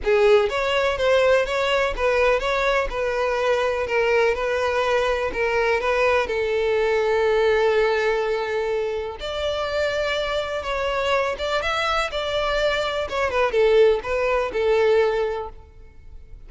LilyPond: \new Staff \with { instrumentName = "violin" } { \time 4/4 \tempo 4 = 124 gis'4 cis''4 c''4 cis''4 | b'4 cis''4 b'2 | ais'4 b'2 ais'4 | b'4 a'2.~ |
a'2. d''4~ | d''2 cis''4. d''8 | e''4 d''2 cis''8 b'8 | a'4 b'4 a'2 | }